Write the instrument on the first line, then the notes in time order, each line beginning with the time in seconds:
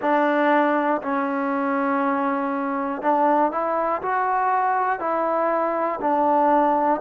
trombone
0.01 D4
1.01 C#4
3.02 D4
3.51 E4
4.02 F#4
5.00 E4
6.00 D4